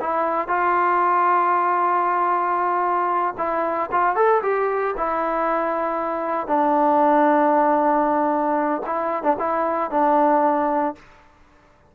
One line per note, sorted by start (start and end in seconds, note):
0.00 0.48 E4
0.48 3.35 F4
3.37 3.90 E4
3.91 4.15 F4
4.15 4.41 A4
4.42 4.94 G4
4.97 6.47 E4
6.47 8.82 D4
8.86 9.23 E4
9.23 9.36 D4
9.39 9.91 E4
9.91 10.95 D4